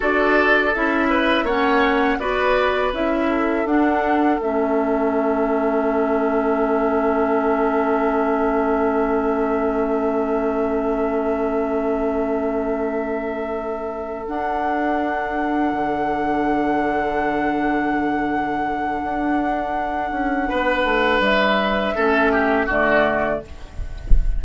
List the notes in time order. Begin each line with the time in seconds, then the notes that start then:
0.00 D4 F#4 A4 D5
0.75 C#4 E4 E5
1.10 B4
1.43 A#3 C#4 C#5 F#5
2.19 B3 F#4 B4 D5
2.92 C#4 E4 E5
3.29 A4
3.65 D4 F#5
4.39 A3 C#4 E5
14.26 D4 F#5
15.72 D3
19.02 D4
20.11 C#4
20.48 B3 B4
20.84 A3
21.19 G3 E5
21.95 A3 C#4 A4
22.32 G4
22.66 D3 A3 F#4 D5